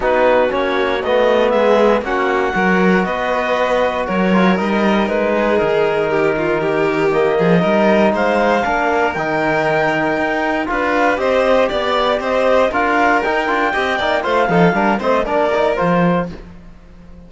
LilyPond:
<<
  \new Staff \with { instrumentName = "clarinet" } { \time 4/4 \tempo 4 = 118 b'4 cis''4 dis''4 e''4 | fis''2 dis''2 | cis''4 dis''4 b'4 ais'4~ | ais'2 dis''2 |
f''2 g''2~ | g''4 f''4 dis''4 d''4 | dis''4 f''4 g''2 | f''4. dis''8 d''4 c''4 | }
  \new Staff \with { instrumentName = "violin" } { \time 4/4 fis'2. gis'4 | fis'4 ais'4 b'2 | ais'2~ ais'8 gis'4. | g'8 f'8 g'4. gis'8 ais'4 |
c''4 ais'2.~ | ais'4 b'4 c''4 d''4 | c''4 ais'2 dis''8 d''8 | c''8 a'8 ais'8 c''8 ais'2 | }
  \new Staff \with { instrumentName = "trombone" } { \time 4/4 dis'4 cis'4 b2 | cis'4 fis'2.~ | fis'8 f'8 dis'2.~ | dis'2 ais4 dis'4~ |
dis'4 d'4 dis'2~ | dis'4 f'4 g'2~ | g'4 f'4 dis'8 f'8 g'8 dis'8 | f'8 dis'8 d'8 c'8 d'8 dis'8 f'4 | }
  \new Staff \with { instrumentName = "cello" } { \time 4/4 b4 ais4 a4 gis4 | ais4 fis4 b2 | fis4 g4 gis4 dis4~ | dis2~ dis8 f8 g4 |
gis4 ais4 dis2 | dis'4 d'4 c'4 b4 | c'4 d'4 dis'8 d'8 c'8 ais8 | a8 f8 g8 a8 ais4 f4 | }
>>